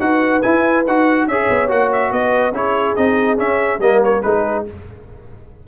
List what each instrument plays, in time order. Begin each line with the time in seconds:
0.00 tuba D#4, trombone F#4, horn B4, trumpet F#5
0.42 trombone E4, tuba E4, trumpet G#5
0.87 tuba D#4, trombone F#4, trumpet F#5
1.28 tuba C#4, trombone G#4, horn C#5, trumpet E5
1.50 tuba B3
1.68 tuba A#3, trombone F#4, trumpet F#5
1.93 trumpet E5
2.12 tuba B3, horn B4, trumpet D#5
2.52 tuba C#4, trombone E4, horn G#4, trumpet C#5
2.96 tuba C4, trombone D#4, trumpet D#5
3.37 trombone C#4, tuba C#4, trumpet E5
3.79 tuba G3, trombone A#3, horn A#4, trumpet D#5
4.04 trumpet C#5
4.21 tuba G#3, trombone D#4, horn G#4, trumpet B4